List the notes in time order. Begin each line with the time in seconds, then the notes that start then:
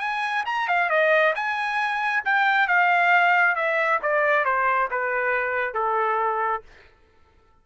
0.00 G#5
0.46 A#5
0.68 F5
0.90 D#5
1.35 G#5
2.25 G5
2.68 F5
3.56 E5
4.03 D5
4.45 C5
4.91 B4
5.74 A4